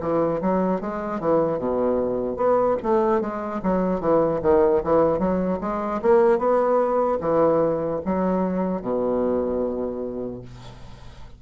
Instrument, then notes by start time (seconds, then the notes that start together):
bassoon
0.00 E3
0.41 F#3
0.80 G#3
1.20 E3
1.58 B2
2.36 B3
2.83 A3
3.20 G#3
3.63 F#3
4.00 E3
4.42 D#3
4.83 E3
5.18 F#3
5.60 G#3
6.01 A#3
6.38 B3
7.20 E3
8.05 F#3
8.81 B2